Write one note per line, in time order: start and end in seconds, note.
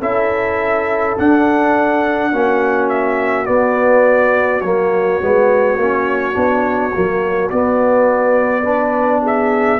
0.00 1.16 C#4
0.00 1.17 E4
0.00 2.31 A4
0.00 1.18 E5
1.18 2.32 D4
1.18 2.89 F#5
2.32 3.48 A#3
2.32 3.45 C#4
2.32 8.63 F#4
2.89 3.46 E5
3.45 4.61 B3
3.45 4.62 B3
3.45 4.61 D5
4.61 5.19 F#3
4.61 5.21 A#3
4.61 7.50 C#5
5.21 5.77 G#3
5.21 5.79 B3
5.77 6.35 A#3
5.77 6.33 C#4
6.33 6.94 B3
6.33 6.91 D4
6.93 7.52 F#3
6.93 7.51 A#3
7.50 9.80 B3
7.50 8.64 B3
7.50 9.23 D5
8.63 9.79 D4
8.63 9.21 B4
9.22 9.80 G#4
9.22 9.80 E5